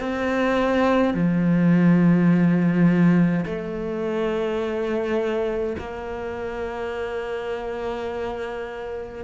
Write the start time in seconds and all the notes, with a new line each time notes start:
0.00 C4
1.14 F3
3.46 A3
5.78 A#3